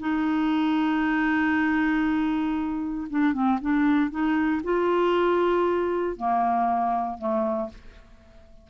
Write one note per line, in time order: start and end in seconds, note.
0.00 3.08 D#4
3.10 3.33 D4
3.33 3.59 C4
3.62 4.11 D4
4.11 4.62 D#4
4.64 6.17 F4
6.17 7.18 A#3
7.18 7.70 A3